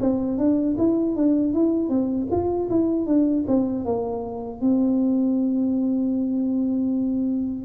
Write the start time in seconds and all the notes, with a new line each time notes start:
0.00 C4
0.37 D4
0.78 E4
1.16 D4
1.53 E4
1.89 C4
2.31 F4
2.70 E4
3.06 D4
3.47 C4
3.85 A#3
4.61 C4